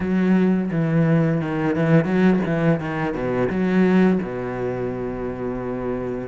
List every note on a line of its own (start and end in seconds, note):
0.00 0.70 F#3
0.71 1.41 E3
1.41 1.75 D#3
1.75 2.05 E3
2.05 2.39 F#3
2.45 2.79 E3
2.79 3.14 D#3
3.14 3.49 B2
3.49 4.19 F#3
4.22 6.28 B2